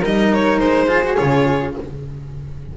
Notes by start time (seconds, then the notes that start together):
0.00 G3 D#4 A#4 D#5
0.34 C#5
0.59 G#3 C5
0.88 F4 G#4
1.03 F#4
1.16 C#3 F4 C#5